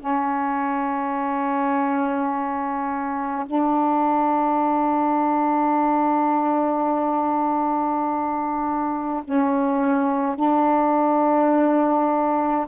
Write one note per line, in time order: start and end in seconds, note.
0.00 3.46 C#4
3.47 9.24 D4
9.25 10.36 C#4
10.36 12.67 D4